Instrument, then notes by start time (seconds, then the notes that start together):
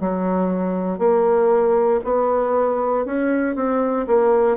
bassoon
0.00 F#3
0.98 A#3
2.04 B3
3.05 C#4
3.55 C4
4.07 A#3